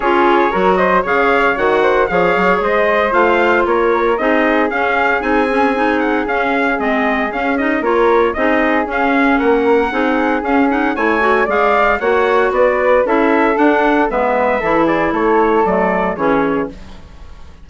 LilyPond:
<<
  \new Staff \with { instrumentName = "trumpet" } { \time 4/4 \tempo 4 = 115 cis''4. dis''8 f''4 fis''4 | f''4 dis''4 f''4 cis''4 | dis''4 f''4 gis''4. fis''8 | f''4 dis''4 f''8 dis''8 cis''4 |
dis''4 f''4 fis''2 | f''8 fis''8 gis''4 f''4 fis''4 | d''4 e''4 fis''4 e''4~ | e''8 d''8 cis''4 d''4 cis''4 | }
  \new Staff \with { instrumentName = "flute" } { \time 4/4 gis'4 ais'8 c''8 cis''4. c''8 | cis''4 c''2 ais'4 | gis'1~ | gis'2. ais'4 |
gis'2 ais'4 gis'4~ | gis'4 cis''4 d''4 cis''4 | b'4 a'2 b'4 | a'8 gis'8 a'2 gis'4 | }
  \new Staff \with { instrumentName = "clarinet" } { \time 4/4 f'4 fis'4 gis'4 fis'4 | gis'2 f'2 | dis'4 cis'4 dis'8 cis'8 dis'4 | cis'4 c'4 cis'8 dis'8 f'4 |
dis'4 cis'2 dis'4 | cis'8 dis'8 e'8 fis'8 gis'4 fis'4~ | fis'4 e'4 d'4 b4 | e'2 a4 cis'4 | }
  \new Staff \with { instrumentName = "bassoon" } { \time 4/4 cis'4 fis4 cis4 dis4 | f8 fis8 gis4 a4 ais4 | c'4 cis'4 c'2 | cis'4 gis4 cis'4 ais4 |
c'4 cis'4 ais4 c'4 | cis'4 a4 gis4 ais4 | b4 cis'4 d'4 gis4 | e4 a4 fis4 e4 | }
>>